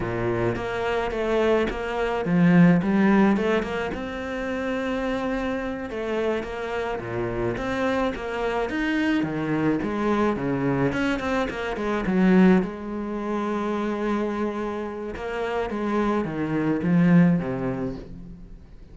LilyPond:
\new Staff \with { instrumentName = "cello" } { \time 4/4 \tempo 4 = 107 ais,4 ais4 a4 ais4 | f4 g4 a8 ais8 c'4~ | c'2~ c'8 a4 ais8~ | ais8 ais,4 c'4 ais4 dis'8~ |
dis'8 dis4 gis4 cis4 cis'8 | c'8 ais8 gis8 fis4 gis4.~ | gis2. ais4 | gis4 dis4 f4 c4 | }